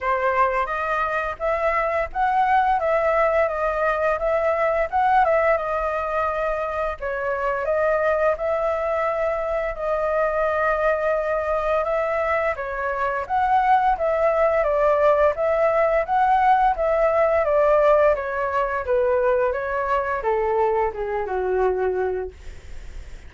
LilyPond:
\new Staff \with { instrumentName = "flute" } { \time 4/4 \tempo 4 = 86 c''4 dis''4 e''4 fis''4 | e''4 dis''4 e''4 fis''8 e''8 | dis''2 cis''4 dis''4 | e''2 dis''2~ |
dis''4 e''4 cis''4 fis''4 | e''4 d''4 e''4 fis''4 | e''4 d''4 cis''4 b'4 | cis''4 a'4 gis'8 fis'4. | }